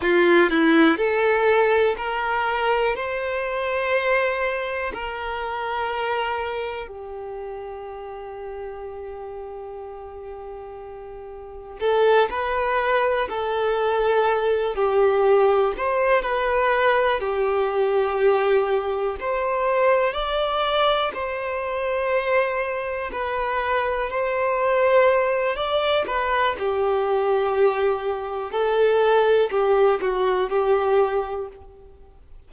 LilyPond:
\new Staff \with { instrumentName = "violin" } { \time 4/4 \tempo 4 = 61 f'8 e'8 a'4 ais'4 c''4~ | c''4 ais'2 g'4~ | g'1 | a'8 b'4 a'4. g'4 |
c''8 b'4 g'2 c''8~ | c''8 d''4 c''2 b'8~ | b'8 c''4. d''8 b'8 g'4~ | g'4 a'4 g'8 fis'8 g'4 | }